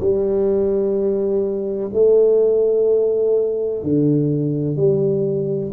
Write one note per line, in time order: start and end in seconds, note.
0.00 1.90 G3
1.94 3.83 A3
3.83 4.77 D3
4.77 5.72 G3